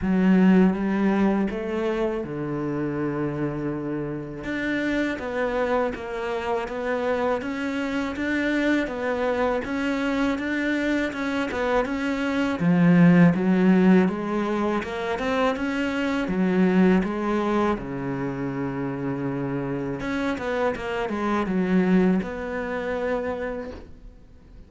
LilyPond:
\new Staff \with { instrumentName = "cello" } { \time 4/4 \tempo 4 = 81 fis4 g4 a4 d4~ | d2 d'4 b4 | ais4 b4 cis'4 d'4 | b4 cis'4 d'4 cis'8 b8 |
cis'4 f4 fis4 gis4 | ais8 c'8 cis'4 fis4 gis4 | cis2. cis'8 b8 | ais8 gis8 fis4 b2 | }